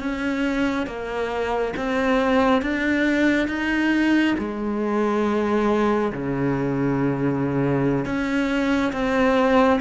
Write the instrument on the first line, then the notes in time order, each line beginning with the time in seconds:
cello
0.00 C#4
0.87 A#3
1.77 C4
2.62 D4
3.48 D#4
4.38 G#3
6.13 C#3
8.05 C#4
8.92 C4